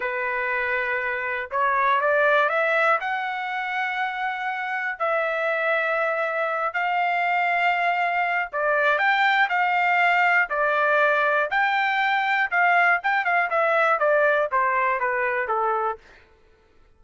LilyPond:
\new Staff \with { instrumentName = "trumpet" } { \time 4/4 \tempo 4 = 120 b'2. cis''4 | d''4 e''4 fis''2~ | fis''2 e''2~ | e''4. f''2~ f''8~ |
f''4 d''4 g''4 f''4~ | f''4 d''2 g''4~ | g''4 f''4 g''8 f''8 e''4 | d''4 c''4 b'4 a'4 | }